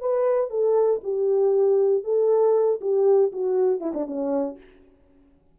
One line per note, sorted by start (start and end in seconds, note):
0.00 0.50 B4
0.50 1.01 A4
1.03 2.04 G4
2.04 2.80 A4
2.81 3.32 G4
3.32 3.80 F#4
3.80 3.93 E4
3.94 4.06 D4
4.07 4.57 C#4